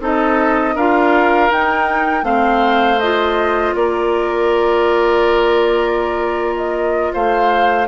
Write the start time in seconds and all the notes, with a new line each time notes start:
0.00 C4 D#4 A4 D#5
0.75 D4 F4 A#4 F5
1.50 D#4 G5
2.23 A3 C4 C5 F5
2.99 F4 D#5
3.75 A#3 A#4 D5
6.56 D#5
7.13 A3 C5 F5